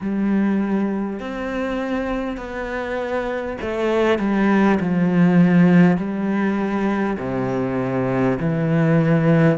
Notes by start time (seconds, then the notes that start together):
0.00 G3
1.19 C4
2.37 B3
3.61 A3
4.18 G3
4.79 F3
5.97 G3
7.18 C3
8.39 E3